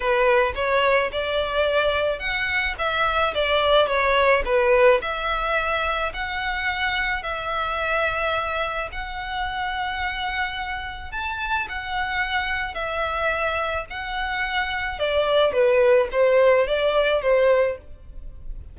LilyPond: \new Staff \with { instrumentName = "violin" } { \time 4/4 \tempo 4 = 108 b'4 cis''4 d''2 | fis''4 e''4 d''4 cis''4 | b'4 e''2 fis''4~ | fis''4 e''2. |
fis''1 | a''4 fis''2 e''4~ | e''4 fis''2 d''4 | b'4 c''4 d''4 c''4 | }